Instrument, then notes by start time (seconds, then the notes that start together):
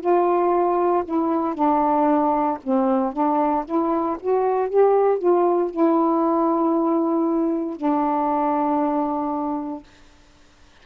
saxophone
0.00 F4
1.05 E4
1.54 D4
2.63 C4
3.13 D4
3.65 E4
4.20 F#4
4.69 G4
5.19 F4
5.70 E4
7.76 D4